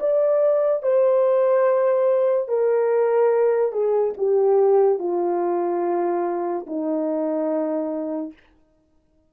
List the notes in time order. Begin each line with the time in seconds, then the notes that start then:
0.00 D5
0.83 C5
2.48 A#4
3.72 G#4
4.17 G4
4.99 F4
6.67 D#4